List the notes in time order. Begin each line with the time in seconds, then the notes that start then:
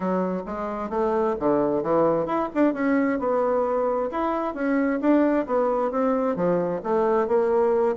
0.00 F#3
0.46 G#3
0.89 A3
1.39 D3
1.82 E3
2.26 E4
2.54 D4
2.73 C#4
3.19 B3
4.11 E4
4.54 C#4
5.00 D4
5.46 B3
5.91 C4
6.36 F3
6.83 A3
7.27 A#3